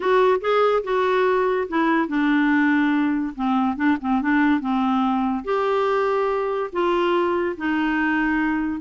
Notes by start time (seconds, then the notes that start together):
0.00 F#4
0.41 G#4
0.83 F#4
1.68 E4
2.08 D4
3.35 C4
3.76 D4
4.00 C4
4.21 D4
4.60 C4
5.44 G4
6.72 F4
7.57 D#4